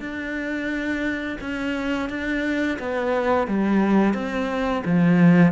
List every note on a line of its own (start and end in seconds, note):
0.00 1.38 D4
1.40 2.09 C#4
2.09 2.78 D4
2.79 3.48 B3
3.48 4.14 G3
4.14 4.83 C4
4.85 5.52 F3